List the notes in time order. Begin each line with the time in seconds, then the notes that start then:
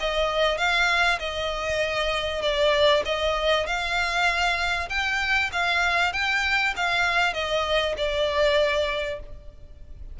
0.00 D#5
0.57 F5
1.19 D#5
2.42 D5
3.05 D#5
3.66 F5
4.89 G5
5.52 F5
6.13 G5
6.76 F5
7.34 D#5
7.97 D5